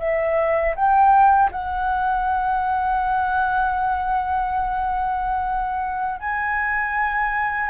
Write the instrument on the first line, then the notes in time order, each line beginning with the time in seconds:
flute
0.00 E5
0.76 G5
1.52 F#5
6.20 G#5